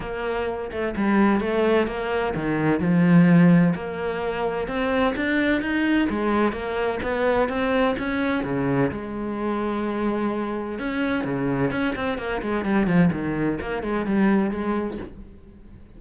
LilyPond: \new Staff \with { instrumentName = "cello" } { \time 4/4 \tempo 4 = 128 ais4. a8 g4 a4 | ais4 dis4 f2 | ais2 c'4 d'4 | dis'4 gis4 ais4 b4 |
c'4 cis'4 cis4 gis4~ | gis2. cis'4 | cis4 cis'8 c'8 ais8 gis8 g8 f8 | dis4 ais8 gis8 g4 gis4 | }